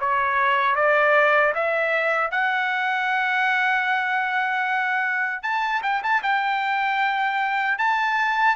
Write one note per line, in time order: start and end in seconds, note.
0.00 0.75 C#5
0.75 1.53 D5
1.54 2.31 E5
2.31 5.43 F#5
5.43 5.82 A5
5.83 6.02 G5
6.03 6.22 A5
6.22 7.78 G5
7.78 8.55 A5